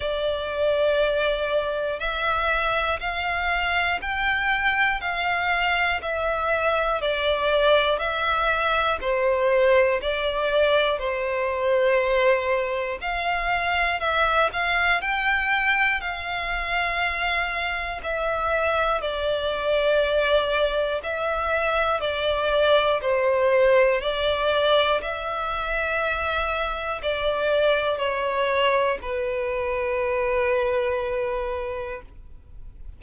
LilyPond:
\new Staff \with { instrumentName = "violin" } { \time 4/4 \tempo 4 = 60 d''2 e''4 f''4 | g''4 f''4 e''4 d''4 | e''4 c''4 d''4 c''4~ | c''4 f''4 e''8 f''8 g''4 |
f''2 e''4 d''4~ | d''4 e''4 d''4 c''4 | d''4 e''2 d''4 | cis''4 b'2. | }